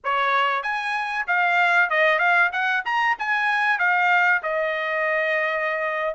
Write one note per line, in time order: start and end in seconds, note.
0.03 0.62 C#5
0.62 1.25 G#5
1.27 1.89 F5
1.89 2.18 D#5
2.18 2.50 F5
2.52 2.83 F#5
2.85 3.16 A#5
3.19 3.78 G#5
3.78 4.42 F5
4.42 6.14 D#5